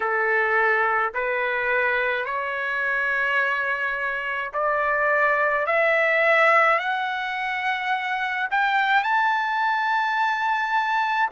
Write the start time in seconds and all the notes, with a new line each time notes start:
0.00 A4
1.13 B4
2.25 C#5
4.53 D5
5.66 E5
6.78 F#5
8.50 G5
9.03 A5